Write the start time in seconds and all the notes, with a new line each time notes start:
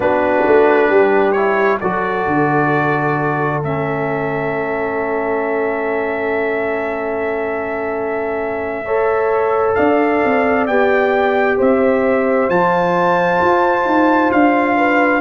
0.00 B3 D4 F#4 B4
0.46 A3
0.88 G3 G4
1.32 E4 C#5
1.80 F#3 F#4 A4 D5
2.27 D3
3.62 A3 C#4 E5
8.84 A4 C#5
9.74 D4 D5 F5
10.24 C4
10.66 B3 G4 G5
11.57 C4 C5 E5
12.49 F3 F4 A5
13.40 F4
13.85 D#4
14.31 D4 F5
14.76 B4